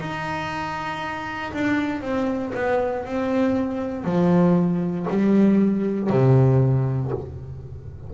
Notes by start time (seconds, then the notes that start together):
0.00 D#4
1.53 D4
2.01 C4
2.54 B3
3.05 C4
4.04 F3
5.09 G3
6.10 C3